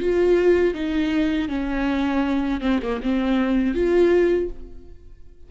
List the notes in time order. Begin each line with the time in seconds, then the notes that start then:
0.00 F4
0.74 D#4
1.48 C#4
2.61 C4
2.83 A#3
3.02 C4
3.74 F4